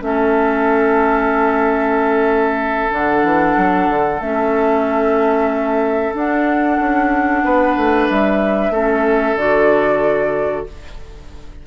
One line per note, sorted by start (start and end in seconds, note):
0.00 2.91 A3
0.00 2.90 C#4
0.00 7.44 A4
0.00 2.92 E5
2.90 3.23 D3
2.90 4.19 D4
2.90 4.20 F#5
3.23 3.55 E3
3.56 3.88 F#3
3.89 4.20 D3
4.20 6.14 A3
4.20 6.14 C#4
4.20 6.14 E5
6.14 6.78 D4
6.14 8.72 D4
6.14 8.08 F#5
6.79 7.43 C#4
7.44 7.76 B3
7.44 8.72 B4
7.76 8.08 A3
8.08 8.69 G3
8.08 9.37 E5
8.69 9.34 A3
8.69 9.37 C#4
8.69 10.66 A4
9.35 10.64 D3
9.35 10.66 F#4
9.35 10.66 D5